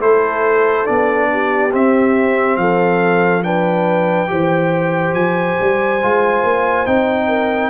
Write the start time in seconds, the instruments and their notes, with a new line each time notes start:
0.00 tuba A3, trombone E4, horn A4, trumpet C5
0.85 tuba B3, trombone D4, trumpet D5
1.32 horn G4
1.72 trombone C4, tuba C4, trumpet E5
2.57 tuba F3, horn A4, trumpet F5
3.43 trombone D4, horn B4, trumpet G5
4.27 tuba E3, trombone G4, horn C5
5.13 tuba F3, trumpet G#5
5.61 tuba G3
6.02 tuba G#3, trombone F4
6.43 tuba A#3
6.86 tuba C4, trombone D#4, trumpet G5
7.27 horn A#4